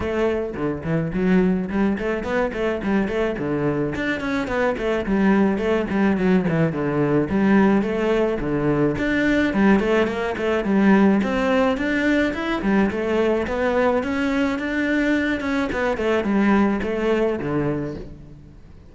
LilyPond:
\new Staff \with { instrumentName = "cello" } { \time 4/4 \tempo 4 = 107 a4 d8 e8 fis4 g8 a8 | b8 a8 g8 a8 d4 d'8 cis'8 | b8 a8 g4 a8 g8 fis8 e8 | d4 g4 a4 d4 |
d'4 g8 a8 ais8 a8 g4 | c'4 d'4 e'8 g8 a4 | b4 cis'4 d'4. cis'8 | b8 a8 g4 a4 d4 | }